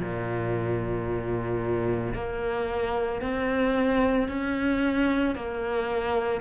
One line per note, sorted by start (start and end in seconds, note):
0.00 2.14 A#2
2.14 3.21 A#3
3.22 4.29 C4
4.29 5.36 C#4
5.36 6.41 A#3